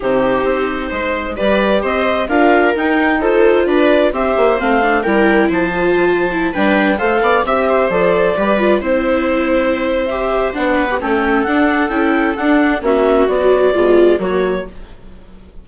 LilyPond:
<<
  \new Staff \with { instrumentName = "clarinet" } { \time 4/4 \tempo 4 = 131 c''2. d''4 | dis''4 f''4 g''4 c''4 | d''4 e''4 f''4 g''4 | a''2~ a''16 g''4 f''8.~ |
f''16 e''4 d''2 c''8.~ | c''2 e''4 fis''4 | g''4 fis''4 g''4 fis''4 | e''4 d''2 cis''4 | }
  \new Staff \with { instrumentName = "viola" } { \time 4/4 g'2 c''4 b'4 | c''4 ais'2 a'4 | b'4 c''2 ais'4 | c''2~ c''16 b'4 c''8 d''16~ |
d''16 e''8 c''4. b'4 c''8.~ | c''2.~ c''8 b'8 | a'1 | fis'2 f'4 fis'4 | }
  \new Staff \with { instrumentName = "viola" } { \time 4/4 dis'2. g'4~ | g'4 f'4 dis'4 f'4~ | f'4 g'4 c'8 d'8 e'4~ | e'8 f'4~ f'16 e'8 d'4 a'8.~ |
a'16 g'4 a'4 g'8 f'8 e'8.~ | e'2 g'4 d'8. g'16 | cis'4 d'4 e'4 d'4 | cis'4 fis4 gis4 ais4 | }
  \new Staff \with { instrumentName = "bassoon" } { \time 4/4 c4 c'4 gis4 g4 | c'4 d'4 dis'2 | d'4 c'8 ais8 a4 g4 | f2~ f16 g4 a8 b16~ |
b16 c'4 f4 g4 c'8.~ | c'2. b4 | a4 d'4 cis'4 d'4 | ais4 b4 b,4 fis4 | }
>>